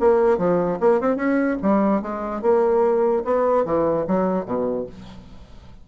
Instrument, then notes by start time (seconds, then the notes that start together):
bassoon
0.00 A#3
0.38 F3
0.81 A#3
1.01 C4
1.17 C#4
1.63 G3
2.02 G#3
2.42 A#3
3.25 B3
3.65 E3
4.08 F#3
4.46 B2